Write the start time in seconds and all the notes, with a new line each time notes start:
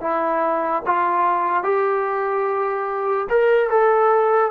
0.00 E4
0.86 F4
1.63 G4
3.29 A#4
3.69 A4